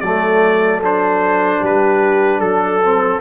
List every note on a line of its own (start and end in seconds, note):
0.00 1.61 F#3
0.00 0.82 A3
0.00 1.60 A4
0.00 0.80 D5
0.82 2.82 D4
0.82 1.65 C5
1.60 2.40 G3
1.60 2.39 G4
1.60 2.40 B4
2.39 3.20 F#3
2.39 3.19 A4
2.39 3.20 A4
2.82 3.20 C4